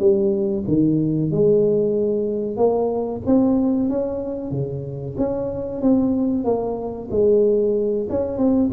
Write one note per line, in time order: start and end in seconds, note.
0.00 0.65 G3
0.68 1.31 D#3
1.31 2.57 G#3
2.57 3.22 A#3
3.26 3.90 C4
3.90 4.52 C#4
4.52 5.16 C#3
5.18 5.82 C#4
5.82 6.45 C4
6.45 7.09 A#3
7.11 8.08 G#3
8.10 8.38 C#4
8.38 8.70 C4